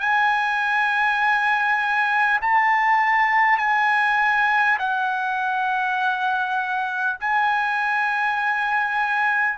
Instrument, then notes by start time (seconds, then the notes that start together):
trumpet
0.00 G#5
2.41 A5
3.57 G#5
4.78 F#5
7.19 G#5